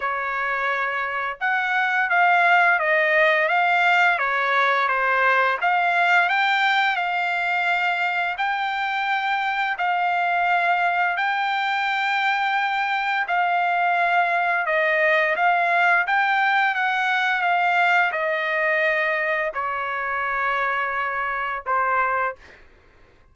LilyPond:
\new Staff \with { instrumentName = "trumpet" } { \time 4/4 \tempo 4 = 86 cis''2 fis''4 f''4 | dis''4 f''4 cis''4 c''4 | f''4 g''4 f''2 | g''2 f''2 |
g''2. f''4~ | f''4 dis''4 f''4 g''4 | fis''4 f''4 dis''2 | cis''2. c''4 | }